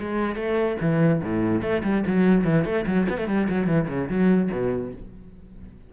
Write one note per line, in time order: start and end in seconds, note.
0.00 0.36 G#3
0.36 0.77 A3
0.81 1.22 E3
1.23 1.62 A2
1.62 1.83 A3
1.84 2.04 G3
2.07 2.44 F#3
2.44 2.65 E3
2.65 2.85 A3
2.87 3.08 F#3
3.10 3.18 B3
3.18 3.28 A3
3.28 3.48 G3
3.50 3.67 F#3
3.67 3.88 E3
3.89 4.09 C#3
4.09 4.50 F#3
4.52 4.93 B2